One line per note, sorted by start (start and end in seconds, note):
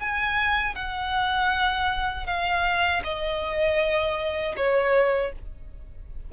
0.00 0.76 G#5
0.76 2.27 F#5
2.27 3.03 F5
3.04 4.56 D#5
4.57 5.33 C#5